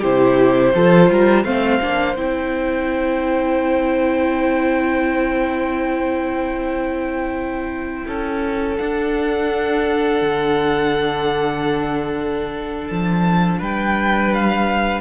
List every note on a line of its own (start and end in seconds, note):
0.00 0.74 C3
0.00 0.74 E4
0.00 0.71 G4
0.00 1.44 C5
0.74 1.10 F3
0.74 1.44 F4
0.74 1.10 A4
1.10 1.44 G3
1.10 1.45 A#4
1.44 1.79 A3
1.44 1.80 C4
1.44 8.05 C5
1.44 2.15 F5
1.80 2.16 A#3
1.80 2.16 D4
2.15 8.05 C4
2.15 8.77 E4
2.15 8.76 G5
8.07 8.78 C#4
8.07 13.58 A4
8.77 15.01 D4
8.77 10.21 D4
8.77 12.86 F#5
10.21 12.89 D3
12.86 13.60 F3
12.86 13.58 A5
13.58 15.01 G3
13.58 15.01 B4
13.58 14.33 G5
14.34 15.01 F5